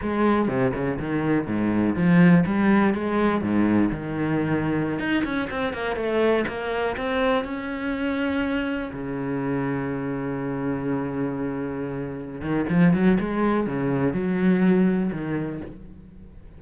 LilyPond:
\new Staff \with { instrumentName = "cello" } { \time 4/4 \tempo 4 = 123 gis4 c8 cis8 dis4 gis,4 | f4 g4 gis4 gis,4 | dis2~ dis16 dis'8 cis'8 c'8 ais16~ | ais16 a4 ais4 c'4 cis'8.~ |
cis'2~ cis'16 cis4.~ cis16~ | cis1~ | cis4. dis8 f8 fis8 gis4 | cis4 fis2 dis4 | }